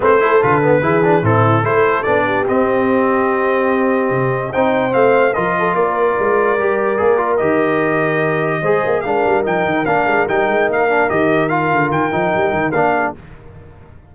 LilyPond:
<<
  \new Staff \with { instrumentName = "trumpet" } { \time 4/4 \tempo 4 = 146 c''4 b'2 a'4 | c''4 d''4 dis''2~ | dis''2. g''4 | f''4 dis''4 d''2~ |
d''2 dis''2~ | dis''2 f''4 g''4 | f''4 g''4 f''4 dis''4 | f''4 g''2 f''4 | }
  \new Staff \with { instrumentName = "horn" } { \time 4/4 b'8 a'4. gis'4 e'4 | a'4. g'2~ g'8~ | g'2. c''4~ | c''4 ais'8 a'8 ais'2~ |
ais'1~ | ais'4 c''4 ais'2~ | ais'1~ | ais'2.~ ais'8 gis'8 | }
  \new Staff \with { instrumentName = "trombone" } { \time 4/4 c'8 e'8 f'8 b8 e'8 d'8 c'4 | e'4 d'4 c'2~ | c'2. dis'4 | c'4 f'2. |
g'4 gis'8 f'8 g'2~ | g'4 gis'4 d'4 dis'4 | d'4 dis'4. d'8 g'4 | f'4. dis'4. d'4 | }
  \new Staff \with { instrumentName = "tuba" } { \time 4/4 a4 d4 e4 a,4 | a4 b4 c'2~ | c'2 c4 c'4 | a4 f4 ais4 gis4 |
g4 ais4 dis2~ | dis4 gis8 ais8 gis8 g8 f8 dis8 | ais8 gis8 g8 gis8 ais4 dis4~ | dis8 d8 dis8 f8 g8 dis8 ais4 | }
>>